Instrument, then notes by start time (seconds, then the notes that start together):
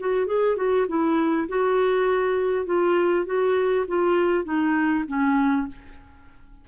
clarinet
0.00 F#4
0.27 G#4
0.57 F#4
0.88 E4
1.49 F#4
2.66 F4
3.26 F#4
3.88 F4
4.45 D#4
5.08 C#4